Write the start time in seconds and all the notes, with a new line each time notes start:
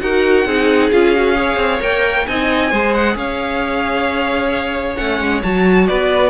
0.00 D#4 F#4 A#4 F#5
0.45 C4 D#4 G#4
0.91 C#4 F4 F5
1.15 F#4
1.35 G#4 C#5
1.57 C4
1.80 A#3 A#4 G5
2.27 C4 D#4 D#5 G#5
2.70 G#3 G#4 C5
2.94 F#5
3.15 C#4 C#5 F5
4.96 A3 C#4 F#5
5.20 G#3
5.43 F#3 F#4 A5
5.87 B3 B4 D5